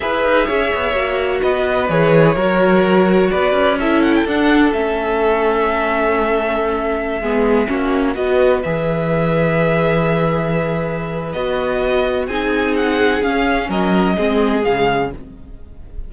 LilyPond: <<
  \new Staff \with { instrumentName = "violin" } { \time 4/4 \tempo 4 = 127 e''2. dis''4 | cis''2. d''4 | e''8 fis''16 g''16 fis''4 e''2~ | e''1~ |
e''4~ e''16 dis''4 e''4.~ e''16~ | e''1 | dis''2 gis''4 fis''4 | f''4 dis''2 f''4 | }
  \new Staff \with { instrumentName = "violin" } { \time 4/4 b'4 cis''2 b'4~ | b'4 ais'2 b'4 | a'1~ | a'2.~ a'16 gis'8.~ |
gis'16 fis'4 b'2~ b'8.~ | b'1~ | b'2 gis'2~ | gis'4 ais'4 gis'2 | }
  \new Staff \with { instrumentName = "viola" } { \time 4/4 gis'2 fis'2 | gis'4 fis'2. | e'4 d'4 cis'2~ | cis'2.~ cis'16 b8.~ |
b16 cis'4 fis'4 gis'4.~ gis'16~ | gis'1 | fis'2 dis'2 | cis'2 c'4 gis4 | }
  \new Staff \with { instrumentName = "cello" } { \time 4/4 e'8 dis'8 cis'8 b8 ais4 b4 | e4 fis2 b8 cis'8~ | cis'4 d'4 a2~ | a2.~ a16 gis8.~ |
gis16 ais4 b4 e4.~ e16~ | e1 | b2 c'2 | cis'4 fis4 gis4 cis4 | }
>>